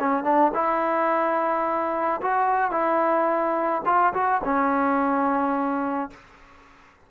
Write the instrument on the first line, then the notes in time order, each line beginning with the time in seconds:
trombone
0.00 C#4
0.24 D4
0.55 E4
2.22 F#4
2.71 E4
3.86 F4
4.14 F#4
4.44 C#4